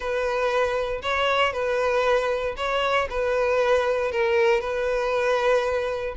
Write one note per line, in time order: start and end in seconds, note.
0.00 1.01 B4
1.01 1.52 C#5
1.52 2.55 B4
2.56 3.08 C#5
3.09 4.11 B4
4.11 4.60 A#4
4.60 6.14 B4